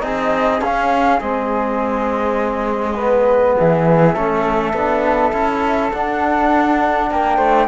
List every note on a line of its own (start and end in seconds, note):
0.00 0.61 C4
0.00 0.59 D#4
0.00 2.95 G#4
0.00 0.61 D#5
0.61 1.20 C#4
0.61 1.21 C#4
0.61 1.20 F5
1.20 3.56 G#3
1.20 2.97 C4
1.20 3.55 D#5
2.95 4.15 B3
2.95 3.53 B4
3.56 4.16 E3
3.56 4.14 G#4
3.56 5.92 E5
4.14 4.73 A3
4.14 4.74 C#4
4.14 7.08 A4
4.73 5.32 B3
4.73 5.33 D4
5.32 5.91 C#4
5.32 5.92 E4
5.92 7.67 D4
5.92 7.11 D4
5.92 7.10 F#5
7.11 7.38 A#3
7.11 7.37 A#4
7.11 7.67 G5
7.37 7.67 A3
7.37 7.66 C5